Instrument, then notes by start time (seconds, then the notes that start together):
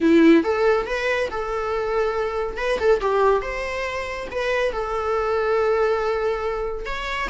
viola
0.00 E4
0.43 A4
0.86 B4
1.30 A4
2.57 B4
2.79 A4
3.00 G4
3.41 C5
4.31 B4
4.72 A4
6.85 C#5